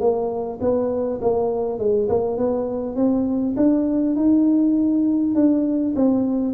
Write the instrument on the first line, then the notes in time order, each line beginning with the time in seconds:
tuba
0.00 A#3
0.61 B3
1.22 A#3
1.79 G#3
2.09 A#3
2.37 B3
2.96 C4
3.57 D4
4.16 D#4
5.35 D4
5.96 C4